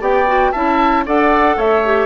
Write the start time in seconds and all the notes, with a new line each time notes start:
0.00 B3 G4 D5 G5
0.27 F#4
0.52 C#4 E4 E5 A5
1.05 D4 A4 D5 F#5
1.56 A3 C#5 E5
1.84 G4